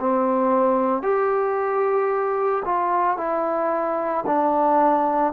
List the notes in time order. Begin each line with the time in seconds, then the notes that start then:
0.00 C4
1.02 G4
2.65 F4
3.17 E4
4.26 D4